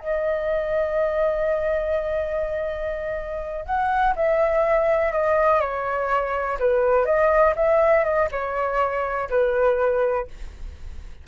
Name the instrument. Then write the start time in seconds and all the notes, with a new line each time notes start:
flute
0.00 D#5
3.66 F#5
4.16 E5
5.13 D#5
5.61 C#5
6.60 B4
7.06 D#5
7.56 E5
8.05 D#5
8.32 C#5
9.30 B4